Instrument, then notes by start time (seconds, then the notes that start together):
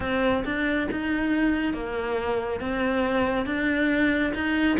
cello
0.00 C4
0.44 D4
0.91 D#4
1.73 A#3
2.60 C4
3.45 D4
4.34 D#4